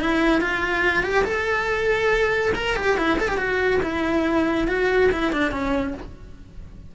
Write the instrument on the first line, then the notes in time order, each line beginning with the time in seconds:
cello
0.00 E4
0.41 F4
1.03 G4
1.24 A4
2.55 A#4
2.76 G4
2.97 E4
3.19 A4
3.28 G4
3.37 F#4
3.82 E4
4.67 F#4
5.11 E4
5.32 D4
5.51 C#4